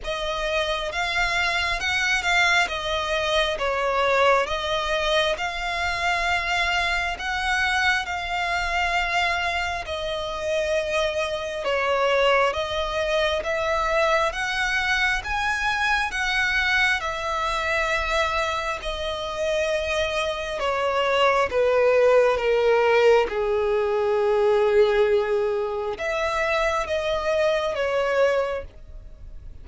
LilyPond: \new Staff \with { instrumentName = "violin" } { \time 4/4 \tempo 4 = 67 dis''4 f''4 fis''8 f''8 dis''4 | cis''4 dis''4 f''2 | fis''4 f''2 dis''4~ | dis''4 cis''4 dis''4 e''4 |
fis''4 gis''4 fis''4 e''4~ | e''4 dis''2 cis''4 | b'4 ais'4 gis'2~ | gis'4 e''4 dis''4 cis''4 | }